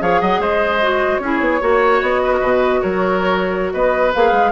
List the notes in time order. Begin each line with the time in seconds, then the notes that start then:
0.00 F3 G#4 C#5 F5
0.21 F#3 D#5 F#5
0.38 G#3 C5 D#5
0.81 F#4
1.18 C#4 E4 G#4 C#5
1.39 B3
1.60 A#3 F#4 C#5
2.01 B3 D#5
2.23 B4
2.33 A#4 B4
2.42 B2
2.81 F#3 A#4 C#5
3.73 B3 B4 D#5
4.14 A#3 G#4 F5
4.32 G#3